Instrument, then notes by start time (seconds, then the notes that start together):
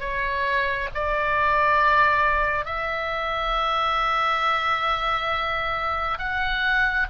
oboe
0.00 C#5
0.94 D5
2.65 E5
6.18 F#5